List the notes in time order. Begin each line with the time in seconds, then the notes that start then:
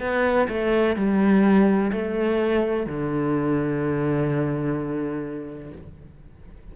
0.00 B3
0.48 A3
0.96 G3
1.92 A3
2.86 D3